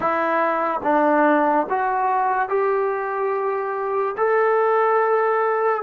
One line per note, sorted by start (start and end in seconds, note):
0.00 0.80 E4
0.83 1.66 D4
1.69 2.48 F#4
2.48 4.15 G4
4.17 5.83 A4